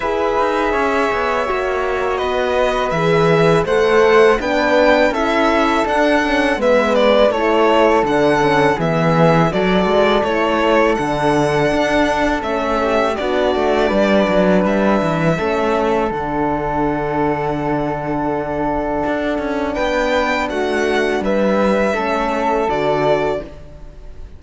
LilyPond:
<<
  \new Staff \with { instrumentName = "violin" } { \time 4/4 \tempo 4 = 82 e''2. dis''4 | e''4 fis''4 g''4 e''4 | fis''4 e''8 d''8 cis''4 fis''4 | e''4 d''4 cis''4 fis''4~ |
fis''4 e''4 d''2 | e''2 fis''2~ | fis''2. g''4 | fis''4 e''2 d''4 | }
  \new Staff \with { instrumentName = "flute" } { \time 4/4 b'4 cis''2 b'4~ | b'4 c''4 b'4 a'4~ | a'4 b'4 a'2 | gis'4 a'2.~ |
a'4. g'8 fis'4 b'4~ | b'4 a'2.~ | a'2. b'4 | fis'4 b'4 a'2 | }
  \new Staff \with { instrumentName = "horn" } { \time 4/4 gis'2 fis'2 | gis'4 a'4 d'4 e'4 | d'8 cis'8 b4 e'4 d'8 cis'8 | b4 fis'4 e'4 d'4~ |
d'4 cis'4 d'2~ | d'4 cis'4 d'2~ | d'1~ | d'2 cis'4 fis'4 | }
  \new Staff \with { instrumentName = "cello" } { \time 4/4 e'8 dis'8 cis'8 b8 ais4 b4 | e4 a4 b4 cis'4 | d'4 gis4 a4 d4 | e4 fis8 gis8 a4 d4 |
d'4 a4 b8 a8 g8 fis8 | g8 e8 a4 d2~ | d2 d'8 cis'8 b4 | a4 g4 a4 d4 | }
>>